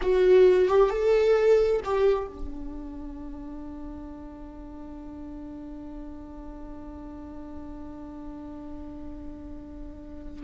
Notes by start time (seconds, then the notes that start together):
0.01 F#4
0.68 G4
0.90 A4
1.84 G4
2.27 D4